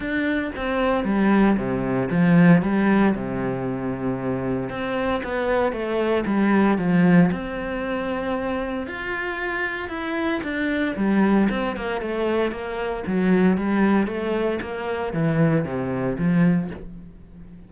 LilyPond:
\new Staff \with { instrumentName = "cello" } { \time 4/4 \tempo 4 = 115 d'4 c'4 g4 c4 | f4 g4 c2~ | c4 c'4 b4 a4 | g4 f4 c'2~ |
c'4 f'2 e'4 | d'4 g4 c'8 ais8 a4 | ais4 fis4 g4 a4 | ais4 e4 c4 f4 | }